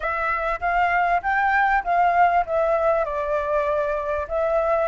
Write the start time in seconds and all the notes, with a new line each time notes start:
0.00 E5
0.60 F5
1.22 G5
1.84 F5
2.46 E5
3.04 D5
4.28 E5